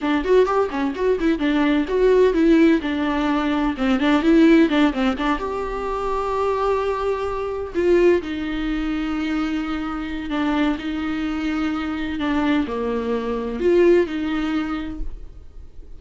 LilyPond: \new Staff \with { instrumentName = "viola" } { \time 4/4 \tempo 4 = 128 d'8 fis'8 g'8 cis'8 fis'8 e'8 d'4 | fis'4 e'4 d'2 | c'8 d'8 e'4 d'8 c'8 d'8 g'8~ | g'1~ |
g'8 f'4 dis'2~ dis'8~ | dis'2 d'4 dis'4~ | dis'2 d'4 ais4~ | ais4 f'4 dis'2 | }